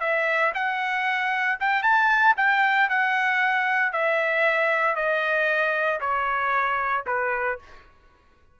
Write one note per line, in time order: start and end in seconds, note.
0.00 0.52 E5
0.55 1.59 F#5
1.60 1.83 G5
1.83 2.35 A5
2.37 2.89 G5
2.89 3.92 F#5
3.92 4.96 E5
4.96 6.00 D#5
6.00 7.05 C#5
7.06 7.59 B4